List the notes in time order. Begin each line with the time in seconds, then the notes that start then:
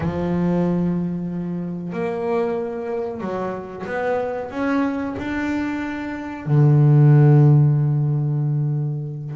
0.00 F3
1.92 A#3
3.20 F#3
3.86 B3
4.50 C#4
5.18 D4
6.46 D3